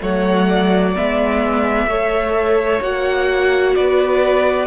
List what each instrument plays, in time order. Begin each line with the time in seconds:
0.00 cello F#3, viola A3, violin C#5 F#5
0.48 violin D5
0.95 cello G#3, viola B3, violin E5
1.86 cello A3, viola A4, violin C#5
2.81 cello A#3, viola F#4, violin F#5
3.75 cello B3, violin B4 D5